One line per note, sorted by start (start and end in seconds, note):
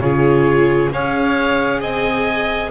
0.00 0.90 C#3
0.00 0.91 F4
0.00 0.93 G#4
0.00 0.90 C#5
0.93 1.82 C#4
0.93 2.71 G#4
0.93 1.80 C#5
0.93 1.83 F5
1.80 2.71 C4
1.80 2.70 D#5
1.80 2.71 G#5